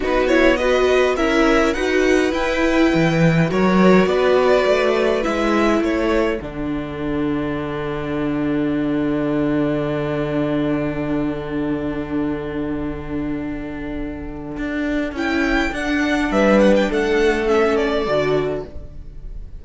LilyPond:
<<
  \new Staff \with { instrumentName = "violin" } { \time 4/4 \tempo 4 = 103 b'8 cis''8 dis''4 e''4 fis''4 | g''2 cis''4 d''4~ | d''4 e''4 cis''4 fis''4~ | fis''1~ |
fis''1~ | fis''1~ | fis''2 g''4 fis''4 | e''8 fis''16 g''16 fis''4 e''8 d''4. | }
  \new Staff \with { instrumentName = "violin" } { \time 4/4 fis'4 b'4 ais'4 b'4~ | b'2 ais'4 b'4~ | b'2 a'2~ | a'1~ |
a'1~ | a'1~ | a'1 | b'4 a'2. | }
  \new Staff \with { instrumentName = "viola" } { \time 4/4 dis'8 e'8 fis'4 e'4 fis'4 | e'2 fis'2~ | fis'4 e'2 d'4~ | d'1~ |
d'1~ | d'1~ | d'2 e'4 d'4~ | d'2 cis'4 fis'4 | }
  \new Staff \with { instrumentName = "cello" } { \time 4/4 b2 cis'4 dis'4 | e'4 e4 fis4 b4 | a4 gis4 a4 d4~ | d1~ |
d1~ | d1~ | d4 d'4 cis'4 d'4 | g4 a2 d4 | }
>>